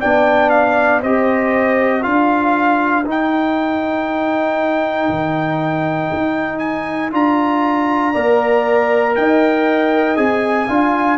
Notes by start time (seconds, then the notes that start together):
0.00 B3 D4 D5 G5
0.50 F5
1.01 C4 G4 C5 D#5
2.02 D4 F4 A#4 F5
3.06 D#4 G5
5.10 D#3
6.13 D#4
6.59 G#5
7.12 D4 F4 A#5
8.12 A#3 A#4 D5
9.16 D#4 D#5 G5
10.16 C4 G#4 G#5
10.68 D4 F4 F5